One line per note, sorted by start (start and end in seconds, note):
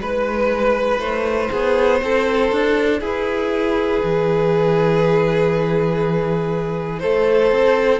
0.00 0.99 G#3
0.00 7.99 E4
0.00 1.00 B4
0.00 1.50 B4
0.99 1.49 A3
0.99 3.00 C5
1.50 2.01 B3
1.50 2.00 G#4
2.01 2.51 C4
2.01 3.00 A4
2.51 3.01 D4
3.00 4.01 E4
3.00 7.00 G#4
3.00 6.99 B4
4.03 7.02 E3
6.99 7.51 A3
6.99 7.99 A4
6.99 7.99 C5
7.51 7.99 C4